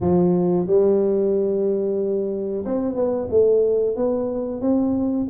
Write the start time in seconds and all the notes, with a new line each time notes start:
0.01 F3
0.67 G3
2.65 C4
2.95 B3
3.30 A3
3.96 B3
4.61 C4